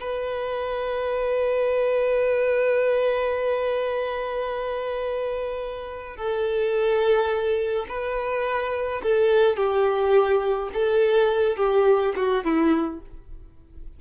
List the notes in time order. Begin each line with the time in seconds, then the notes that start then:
0.00 B4
6.16 A4
7.88 B4
9.02 A4
9.57 G4
10.73 A4
11.57 G4
12.16 F#4
12.44 E4